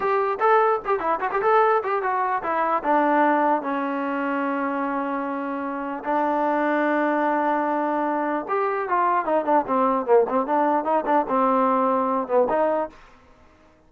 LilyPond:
\new Staff \with { instrumentName = "trombone" } { \time 4/4 \tempo 4 = 149 g'4 a'4 g'8 e'8 fis'16 g'16 a'8~ | a'8 g'8 fis'4 e'4 d'4~ | d'4 cis'2.~ | cis'2. d'4~ |
d'1~ | d'4 g'4 f'4 dis'8 d'8 | c'4 ais8 c'8 d'4 dis'8 d'8 | c'2~ c'8 b8 dis'4 | }